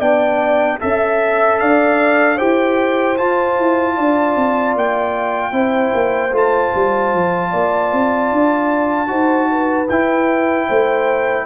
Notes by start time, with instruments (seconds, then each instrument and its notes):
0.00 tuba B3, trombone D4, horn D5, trumpet G5
0.80 tuba C#4, trombone A4, trumpet E5, horn E5
1.59 tuba D4, horn D5, trumpet F5
2.36 tuba E4, trombone G4, horn C5, trumpet G5
3.18 trombone F4, tuba F4, trumpet A5
3.59 tuba E4
3.96 tuba D4, horn D5
4.36 tuba C4
4.75 tuba A#3, trumpet G5
5.52 tuba C4, trombone E4, horn C5
5.94 tuba A#3
6.32 tuba A3, trombone F4, trumpet A5
6.75 tuba G3
7.14 tuba F3
7.51 tuba A#3, horn D5
7.93 tuba C4
8.32 tuba D4
9.08 tuba D#4, trombone F#4, horn C5
9.51 horn B4
9.90 tuba E4, trombone E4, trumpet G5
10.68 tuba A3, horn C5